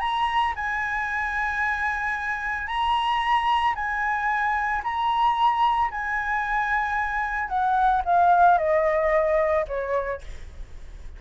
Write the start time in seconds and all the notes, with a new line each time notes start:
0.00 A#5
0.56 G#5
2.67 A#5
3.75 G#5
4.83 A#5
5.91 G#5
7.49 F#5
8.05 F5
8.58 D#5
9.68 C#5